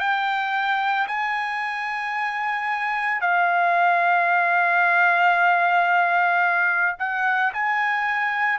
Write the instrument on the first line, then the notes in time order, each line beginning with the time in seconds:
trumpet
0.00 G5
1.08 G#5
3.21 F5
6.99 F#5
7.54 G#5